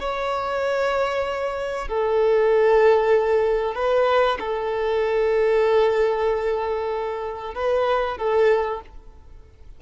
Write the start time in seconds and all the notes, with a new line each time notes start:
0.00 C#5
1.89 A4
3.76 B4
4.40 A4
7.55 B4
8.18 A4